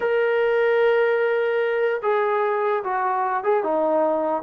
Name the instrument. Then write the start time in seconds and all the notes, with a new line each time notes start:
trombone
0.00 A#4
2.02 G#4
2.84 F#4
3.43 G#4
3.63 D#4